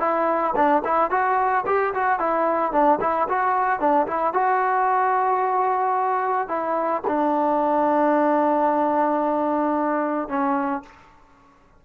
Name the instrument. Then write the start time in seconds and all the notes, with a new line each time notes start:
trombone
0.00 E4
0.56 D4
0.85 E4
1.11 F#4
1.67 G4
1.94 F#4
2.20 E4
2.72 D4
3.01 E4
3.29 F#4
3.80 D4
4.07 E4
4.33 F#4
6.48 E4
7.08 D4
10.29 C#4